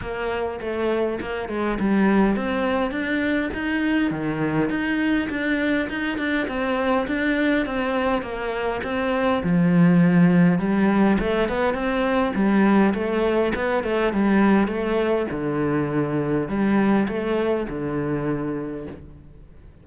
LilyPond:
\new Staff \with { instrumentName = "cello" } { \time 4/4 \tempo 4 = 102 ais4 a4 ais8 gis8 g4 | c'4 d'4 dis'4 dis4 | dis'4 d'4 dis'8 d'8 c'4 | d'4 c'4 ais4 c'4 |
f2 g4 a8 b8 | c'4 g4 a4 b8 a8 | g4 a4 d2 | g4 a4 d2 | }